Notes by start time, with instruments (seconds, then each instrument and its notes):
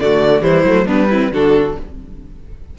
0.00 cello D3, viola A3, violin F#4 D5
0.42 cello E3, viola G3, violin E4 C5
0.64 cello F#3, viola A3
0.86 cello G3, viola B3, violin D4 B4
1.10 viola C4, violin E4
1.32 cello D3, viola D4, violin F#4 A4